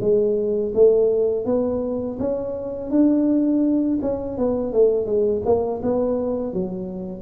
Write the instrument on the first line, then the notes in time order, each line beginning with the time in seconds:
tuba
0.00 G#3
0.74 A3
1.45 B3
2.19 C#4
2.90 D4
4.01 C#4
4.37 B3
4.73 A3
5.06 G#3
5.45 A#3
5.82 B3
6.53 F#3